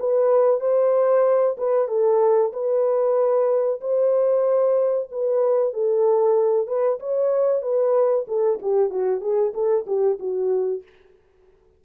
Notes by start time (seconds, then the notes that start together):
0.00 B4
0.61 C5
1.58 B4
1.88 A4
2.53 B4
3.81 C5
5.12 B4
5.74 A4
6.68 B4
7.00 C#5
7.62 B4
8.28 A4
8.62 G4
8.90 F#4
9.21 G#4
9.54 A4
9.87 G4
10.20 F#4